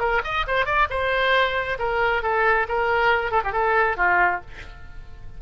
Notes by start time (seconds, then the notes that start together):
0.00 A#4
0.24 D#5
0.48 C5
0.66 D5
0.90 C5
1.79 A#4
2.23 A4
2.69 A#4
3.31 A4
3.45 G4
3.53 A4
3.97 F4